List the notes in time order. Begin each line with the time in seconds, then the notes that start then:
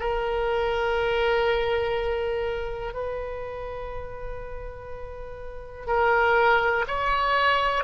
0.00 A#4
2.94 B4
5.87 A#4
6.88 C#5